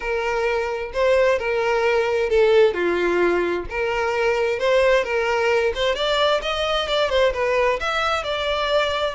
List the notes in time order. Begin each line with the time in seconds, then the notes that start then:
0.00 A#4
0.93 C5
1.38 A#4
2.29 A4
2.74 F4
3.69 A#4
4.59 C5
5.04 A#4
5.75 C5
5.95 D5
6.42 D#5
6.88 D5
7.09 C5
7.33 B4
7.80 E5
8.23 D5